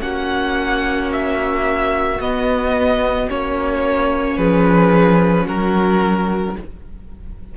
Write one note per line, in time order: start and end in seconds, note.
0.00 2.20 A#3
0.00 2.18 C#4
0.00 4.37 F#4
0.00 1.12 F#5
1.13 2.21 E5
2.20 3.29 B3
2.20 3.28 B3
2.20 3.30 D#5
3.28 4.38 A#3
3.28 6.56 C#4
3.28 4.37 C#5
4.37 5.47 F3
4.37 5.46 G#4
4.37 5.47 B4
5.46 6.56 F#3
5.46 6.55 F#4
5.46 6.57 A#4